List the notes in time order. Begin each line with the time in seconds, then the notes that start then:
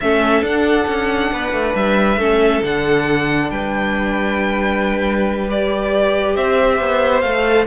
0.01 A3 C#4 A4 E5
0.41 D4 F#5
0.87 C#4
1.31 B3 B4
1.52 A3
1.75 G3 E5
2.17 A3 C#4 A4
2.63 D3 D4 F#5
3.50 G3 B4 G5
5.48 G4 D5
6.35 C4 C5 E5
6.80 B3
7.20 A3 A4 F5